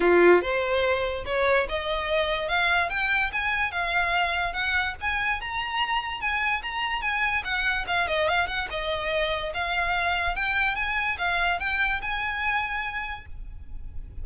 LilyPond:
\new Staff \with { instrumentName = "violin" } { \time 4/4 \tempo 4 = 145 f'4 c''2 cis''4 | dis''2 f''4 g''4 | gis''4 f''2 fis''4 | gis''4 ais''2 gis''4 |
ais''4 gis''4 fis''4 f''8 dis''8 | f''8 fis''8 dis''2 f''4~ | f''4 g''4 gis''4 f''4 | g''4 gis''2. | }